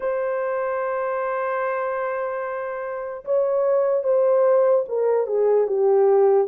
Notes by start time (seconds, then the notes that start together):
0.00 C5
3.24 C#5
4.03 C5
4.88 A#4
5.26 G#4
5.67 G4